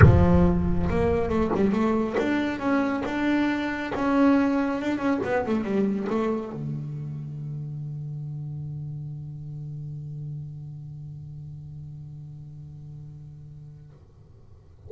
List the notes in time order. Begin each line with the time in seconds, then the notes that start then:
0.01 F3
0.89 A#3
1.29 A3
1.55 G3
1.72 A3
2.18 D4
2.59 C#4
3.05 D4
3.94 C#4
4.81 D4
4.98 C#4
5.24 B3
5.45 A3
5.64 G3
6.09 A3
6.51 D3